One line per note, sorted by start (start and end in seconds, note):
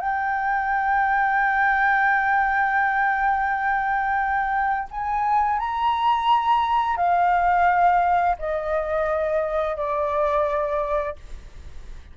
0.00 4.88 G5
4.91 5.59 G#5
5.59 6.97 A#5
6.97 8.36 F5
8.38 9.76 D#5
9.76 11.16 D5